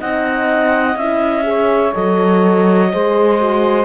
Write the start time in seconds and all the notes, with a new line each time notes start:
0.00 C4 D#4 D#5 F#5
0.96 C#4 E4 E5
1.44 G#4 C#5
1.94 F#3 A4 D#5
2.93 G#3 G#4 C5
3.39 F#4